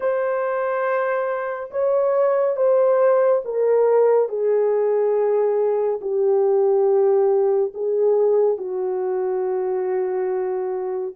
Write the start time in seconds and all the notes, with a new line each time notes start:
0.00 C5
1.71 C#5
2.56 C5
3.44 A#4
4.28 G#4
6.01 G4
7.74 G#4
8.57 F#4